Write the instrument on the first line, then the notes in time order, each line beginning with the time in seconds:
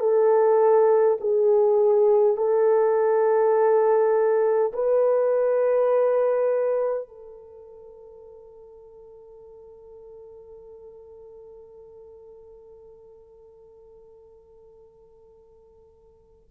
horn
0.00 A4
1.20 G#4
2.37 A4
4.73 B4
7.08 A4